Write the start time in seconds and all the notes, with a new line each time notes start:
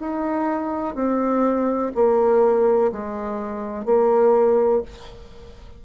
0.00 D#4
0.95 C4
1.95 A#3
2.92 G#3
3.86 A#3